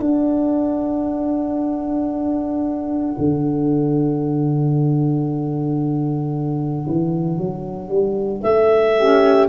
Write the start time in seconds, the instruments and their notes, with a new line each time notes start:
0.00 tuba D4, saxophone D4, horn A4, clarinet F#5
3.19 tuba D3
6.88 tuba E3
7.38 tuba F#3
7.89 tuba G3
8.43 tuba A3, clarinet E5
8.99 saxophone C#4, horn G4